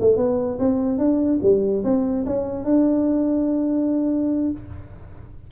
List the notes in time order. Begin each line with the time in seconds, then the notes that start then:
0.00 A3
0.17 B3
0.58 C4
0.98 D4
1.42 G3
1.83 C4
2.26 C#4
2.64 D4